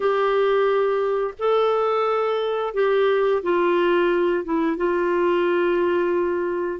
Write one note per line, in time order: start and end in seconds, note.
0.00 1.34 G4
1.39 2.74 A4
2.74 3.42 G4
3.42 4.44 F4
4.44 4.77 E4
4.77 6.80 F4